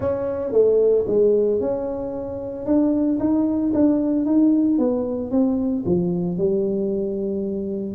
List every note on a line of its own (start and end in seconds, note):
0.00 0.52 C#4
0.52 1.05 A3
1.07 1.60 G#3
1.60 2.65 C#4
2.65 3.19 D4
3.19 3.72 D#4
3.74 4.25 D4
4.25 4.78 D#4
4.78 5.31 B3
5.31 5.84 C4
5.85 6.37 F3
6.37 7.94 G3